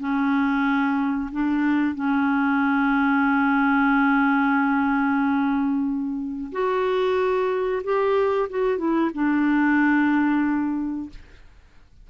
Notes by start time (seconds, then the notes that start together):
0.00 C#4
1.32 D4
1.95 C#4
6.53 F#4
7.84 G4
8.50 F#4
8.78 E4
9.15 D4